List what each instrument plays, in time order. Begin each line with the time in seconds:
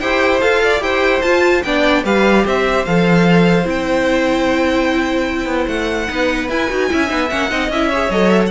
0.00 cello E4, viola G4, violin C5 G5
0.41 cello F4, viola A4, violin F5
0.64 violin D5
0.80 cello E4, viola G4, violin C5 G5
1.22 cello F4, viola F4, violin A5
1.63 cello B3, viola D4, violin D5 G5
2.04 cello G3, viola G4, violin B4 F5
2.45 cello C4, violin C5 E5
2.85 cello F3, viola A4, violin F5
3.64 cello C4, viola E4, violin G5
5.46 cello B3
5.68 cello A3, violin F#5
6.08 cello B3, viola D#4, violin B4
6.49 cello E4, viola E4, violin G#5
6.71 cello D#4, viola F#4
6.90 cello C#4, viola E4, violin E5
7.08 cello B3, viola D#4
7.30 cello A#3, viola C#4, violin F#5
7.50 cello C4, viola D#4, violin D#5
7.69 cello C#4, viola E4, violin E5
7.89 viola G#4, violin C#5
8.10 cello F#3, viola A4, violin D#5
8.31 violin E5
8.47 violin F#5